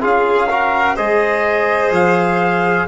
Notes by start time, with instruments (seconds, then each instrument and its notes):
0.00 tuba C#4, trombone F4, violin G#4, trumpet F5
0.50 trombone F#4, violin A#4
0.96 tuba G#3, trombone G#4, violin C5, trumpet D#5
1.91 tuba F3, trumpet F5